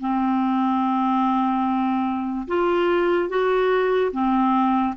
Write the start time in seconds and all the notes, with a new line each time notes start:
0.00 C4
2.47 F4
3.29 F#4
4.12 C4